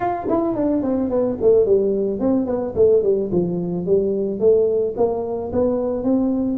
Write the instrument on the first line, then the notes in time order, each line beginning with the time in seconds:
tuba
0.00 F4
0.28 E4
0.55 D4
0.82 C4
1.09 B3
1.41 A3
1.65 G3
2.19 C4
2.45 B3
2.75 A3
3.03 G3
3.32 F3
3.85 G3
4.39 A3
4.96 A#3
5.52 B3
6.03 C4